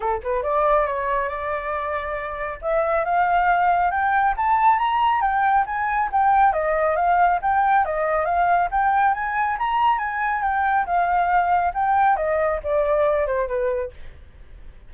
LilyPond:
\new Staff \with { instrumentName = "flute" } { \time 4/4 \tempo 4 = 138 a'8 b'8 d''4 cis''4 d''4~ | d''2 e''4 f''4~ | f''4 g''4 a''4 ais''4 | g''4 gis''4 g''4 dis''4 |
f''4 g''4 dis''4 f''4 | g''4 gis''4 ais''4 gis''4 | g''4 f''2 g''4 | dis''4 d''4. c''8 b'4 | }